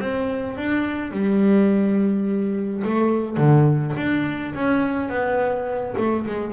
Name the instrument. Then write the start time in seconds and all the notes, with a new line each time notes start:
double bass
0.00 C4
0.57 D4
1.12 G3
2.84 A3
3.37 D3
3.97 D4
4.55 C#4
5.09 B3
5.98 A3
6.26 G#3